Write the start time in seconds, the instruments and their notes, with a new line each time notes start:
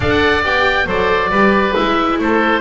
0.00 double bass D4, viola A4, oboe D5 F#5
0.43 double bass B3, viola G4, oboe G5
0.86 double bass F#3, viola A4, oboe C5 D5
1.30 double bass G3, viola G4, oboe B4
1.75 double bass G#3, viola E4, oboe E5
2.19 double bass A3, oboe A4 C5